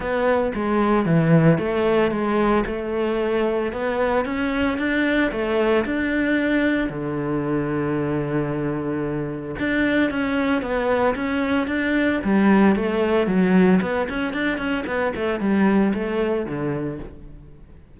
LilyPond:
\new Staff \with { instrumentName = "cello" } { \time 4/4 \tempo 4 = 113 b4 gis4 e4 a4 | gis4 a2 b4 | cis'4 d'4 a4 d'4~ | d'4 d2.~ |
d2 d'4 cis'4 | b4 cis'4 d'4 g4 | a4 fis4 b8 cis'8 d'8 cis'8 | b8 a8 g4 a4 d4 | }